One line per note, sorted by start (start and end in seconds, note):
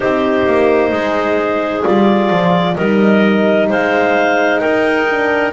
0.00 0.46 C4
0.00 1.83 D#4
0.00 0.90 G4
0.00 1.84 C5
0.46 0.91 A#3
0.90 1.84 G#3
0.90 2.74 G#4
1.83 2.30 G3
1.83 2.76 F4
1.83 2.76 D5
2.30 2.76 F3
2.76 3.69 G3
2.76 5.07 D#4
2.76 3.68 A#4
2.76 3.68 D#5
3.69 4.62 G#3
3.69 4.60 C5
3.69 4.59 F5
4.59 5.52 D#4
4.59 5.52 A#4
4.59 5.51 G5
5.09 5.52 D4